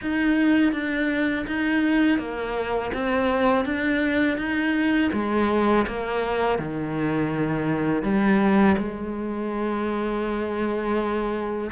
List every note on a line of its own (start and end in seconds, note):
0.01 0.72 D#4
0.72 1.45 D4
1.46 2.18 D#4
2.18 2.91 A#3
2.93 3.65 C4
3.65 4.37 D4
4.37 5.10 D#4
5.12 5.85 G#3
5.87 6.58 A#3
6.58 8.02 D#3
8.02 8.75 G3
8.78 11.70 G#3